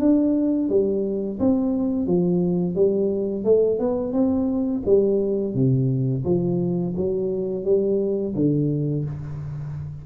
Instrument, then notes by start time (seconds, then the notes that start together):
tuba
0.00 D4
0.70 G3
1.40 C4
2.07 F3
2.76 G3
3.45 A3
3.80 B3
4.13 C4
4.86 G3
5.55 C3
6.25 F3
6.97 F#3
7.65 G3
8.36 D3